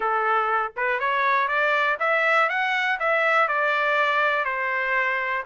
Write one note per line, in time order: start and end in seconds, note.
0.00 0.72 A4
0.76 0.99 B4
0.99 1.48 C#5
1.48 1.97 D5
1.99 2.49 E5
2.49 2.98 F#5
2.99 3.47 E5
3.47 4.44 D5
4.44 5.43 C5